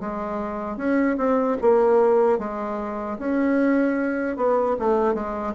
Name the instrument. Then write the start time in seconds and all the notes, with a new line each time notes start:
bassoon
0.00 G#3
0.77 C#4
1.17 C4
1.61 A#3
2.39 G#3
3.19 C#4
4.36 B3
4.79 A3
5.14 G#3